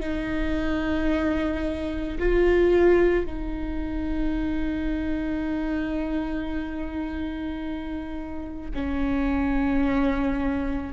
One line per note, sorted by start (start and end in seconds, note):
0.00 2.18 D#4
2.19 3.26 F4
3.26 8.71 D#4
8.74 10.92 C#4